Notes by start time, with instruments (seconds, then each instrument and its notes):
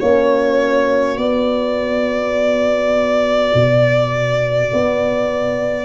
0.00 tuba A#3, horn C#4 F#4, violin C#5
1.17 tuba B3, horn B3, violin D5
3.54 tuba B2
4.73 tuba B3